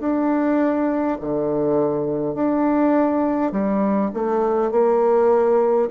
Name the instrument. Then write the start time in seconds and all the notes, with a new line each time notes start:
bassoon
0.00 D4
1.21 D3
2.35 D4
3.52 G3
4.14 A3
4.72 A#3